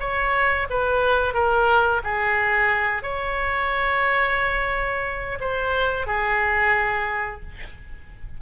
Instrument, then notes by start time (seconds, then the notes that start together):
oboe
0.00 C#5
0.70 B4
1.34 A#4
2.04 G#4
3.02 C#5
5.40 C5
6.06 G#4